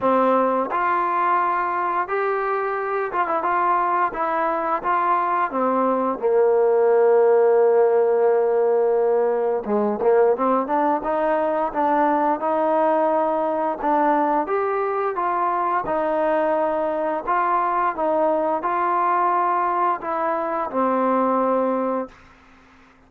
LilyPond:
\new Staff \with { instrumentName = "trombone" } { \time 4/4 \tempo 4 = 87 c'4 f'2 g'4~ | g'8 f'16 e'16 f'4 e'4 f'4 | c'4 ais2.~ | ais2 gis8 ais8 c'8 d'8 |
dis'4 d'4 dis'2 | d'4 g'4 f'4 dis'4~ | dis'4 f'4 dis'4 f'4~ | f'4 e'4 c'2 | }